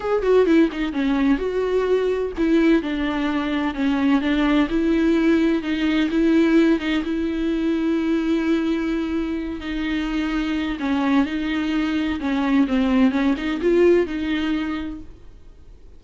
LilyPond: \new Staff \with { instrumentName = "viola" } { \time 4/4 \tempo 4 = 128 gis'8 fis'8 e'8 dis'8 cis'4 fis'4~ | fis'4 e'4 d'2 | cis'4 d'4 e'2 | dis'4 e'4. dis'8 e'4~ |
e'1~ | e'8 dis'2~ dis'8 cis'4 | dis'2 cis'4 c'4 | cis'8 dis'8 f'4 dis'2 | }